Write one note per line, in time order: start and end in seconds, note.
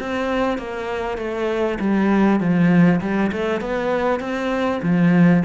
0.00 0.58 C4
0.58 1.18 A#3
1.18 1.79 A3
1.80 2.40 G3
2.40 3.01 F3
3.01 3.31 G3
3.32 3.61 A3
3.61 4.20 B3
4.20 4.81 C4
4.83 5.43 F3